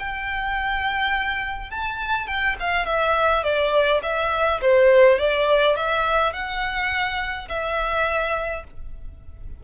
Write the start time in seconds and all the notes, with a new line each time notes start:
0.00 G5
1.71 A5
2.28 G5
2.60 F5
2.86 E5
3.44 D5
4.03 E5
4.62 C5
5.19 D5
5.77 E5
6.33 F#5
7.49 E5